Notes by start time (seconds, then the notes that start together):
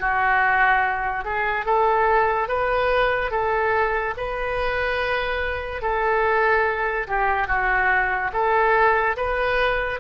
0.00 F#4
1.25 G#4
1.66 A4
2.48 B4
3.31 A4
4.17 B4
5.82 A4
7.08 G4
7.48 F#4
8.33 A4
9.17 B4